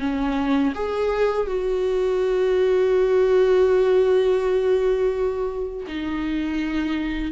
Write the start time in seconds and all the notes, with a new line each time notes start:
0.00 C#4
0.75 G#4
1.47 F#4
5.87 D#4